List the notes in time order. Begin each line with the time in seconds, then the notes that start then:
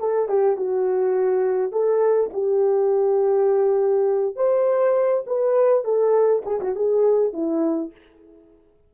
0.00 A4
0.29 G4
0.57 F#4
1.72 A4
2.33 G4
4.36 C5
5.27 B4
5.85 A4
6.46 G#4
6.61 F#4
6.76 G#4
7.34 E4